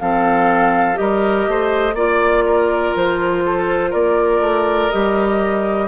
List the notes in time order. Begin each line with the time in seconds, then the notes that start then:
0.00 F3 C4 A4 F5
0.94 G3 G4 A#4 D#5
1.47 A3 C5
1.94 A#3 F4 D5
2.45 A#4
2.95 F3 C5
3.45 A4
3.90 A#3 A#4 D5
4.40 A3
4.90 G3 G4 D#5